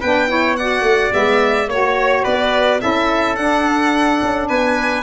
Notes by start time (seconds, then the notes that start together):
0.00 B3 D4 B4 G5
0.28 E4 C#5
0.56 F#4 D5 F#5
0.82 A3
1.11 G#3 B3 E5
1.68 A#3 F#4 C#5
2.24 B3 B4 D5
2.79 C#4 E4 A4 E5
3.36 D4 F#5
4.22 C#4
4.48 B3 B4 G#5